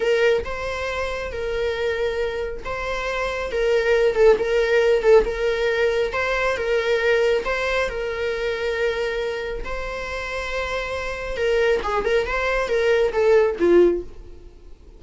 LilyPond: \new Staff \with { instrumentName = "viola" } { \time 4/4 \tempo 4 = 137 ais'4 c''2 ais'4~ | ais'2 c''2 | ais'4. a'8 ais'4. a'8 | ais'2 c''4 ais'4~ |
ais'4 c''4 ais'2~ | ais'2 c''2~ | c''2 ais'4 gis'8 ais'8 | c''4 ais'4 a'4 f'4 | }